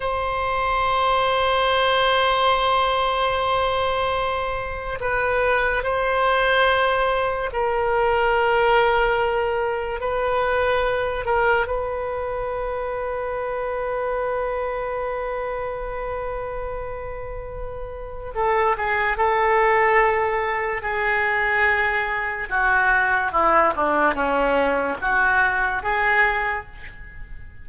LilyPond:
\new Staff \with { instrumentName = "oboe" } { \time 4/4 \tempo 4 = 72 c''1~ | c''2 b'4 c''4~ | c''4 ais'2. | b'4. ais'8 b'2~ |
b'1~ | b'2 a'8 gis'8 a'4~ | a'4 gis'2 fis'4 | e'8 d'8 cis'4 fis'4 gis'4 | }